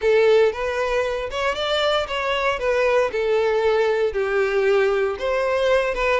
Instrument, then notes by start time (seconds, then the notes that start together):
violin
0.01 A4
0.52 B4
1.30 C#5
1.54 D5
2.07 C#5
2.59 B4
3.12 A4
4.12 G4
5.18 C5
5.94 B4